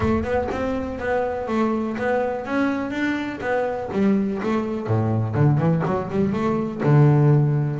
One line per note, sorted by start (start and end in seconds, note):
0.00 0.23 A3
0.23 0.48 B3
0.51 0.98 C4
0.98 1.47 B3
1.47 1.96 A3
1.97 2.45 B3
2.45 2.90 C#4
2.90 3.39 D4
3.40 3.89 B3
3.92 4.41 G3
4.43 4.87 A3
4.87 5.35 A2
5.35 5.58 D3
5.58 5.82 E3
5.85 6.10 F#3
6.10 6.32 G3
6.32 6.81 A3
6.83 7.80 D3